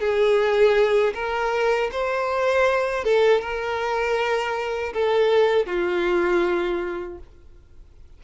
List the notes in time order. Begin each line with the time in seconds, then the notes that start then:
0.00 G#4
1.15 A#4
1.92 C5
3.04 A4
3.41 A#4
4.94 A4
5.67 F4